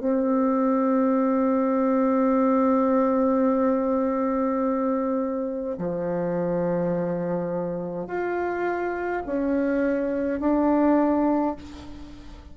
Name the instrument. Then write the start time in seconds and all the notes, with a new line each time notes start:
bassoon
0.00 C4
5.78 F3
8.07 F4
9.26 C#4
10.40 D4